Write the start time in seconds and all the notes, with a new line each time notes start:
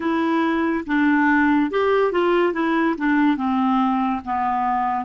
0.00 E4
0.86 D4
1.71 G4
2.12 F4
2.53 E4
2.97 D4
3.36 C4
4.24 B3